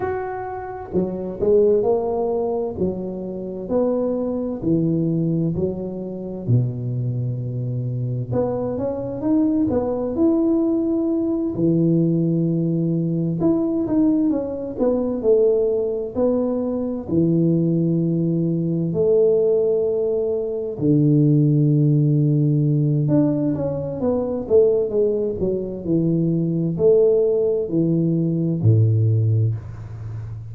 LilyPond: \new Staff \with { instrumentName = "tuba" } { \time 4/4 \tempo 4 = 65 fis'4 fis8 gis8 ais4 fis4 | b4 e4 fis4 b,4~ | b,4 b8 cis'8 dis'8 b8 e'4~ | e'8 e2 e'8 dis'8 cis'8 |
b8 a4 b4 e4.~ | e8 a2 d4.~ | d4 d'8 cis'8 b8 a8 gis8 fis8 | e4 a4 e4 a,4 | }